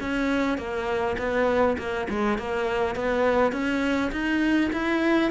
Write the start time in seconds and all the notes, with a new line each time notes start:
0.00 C#4
0.58 A#3
1.18 B3
1.78 A#3
2.09 G#3
2.38 A#3
2.95 B3
3.52 C#4
4.11 D#4
4.72 E4